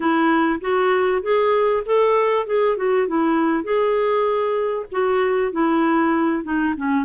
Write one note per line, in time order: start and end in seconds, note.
0.00 0.60 E4
0.60 1.21 F#4
1.21 1.83 G#4
1.85 2.46 A4
2.46 2.76 G#4
2.76 3.07 F#4
3.07 3.63 E4
3.63 4.86 G#4
4.91 5.52 F#4
5.52 6.43 E4
6.43 6.74 D#4
6.77 7.04 C#4